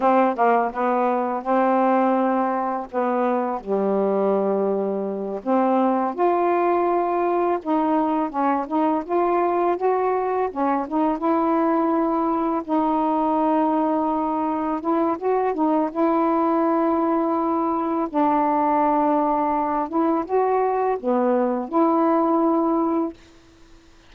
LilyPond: \new Staff \with { instrumentName = "saxophone" } { \time 4/4 \tempo 4 = 83 c'8 ais8 b4 c'2 | b4 g2~ g8 c'8~ | c'8 f'2 dis'4 cis'8 | dis'8 f'4 fis'4 cis'8 dis'8 e'8~ |
e'4. dis'2~ dis'8~ | dis'8 e'8 fis'8 dis'8 e'2~ | e'4 d'2~ d'8 e'8 | fis'4 b4 e'2 | }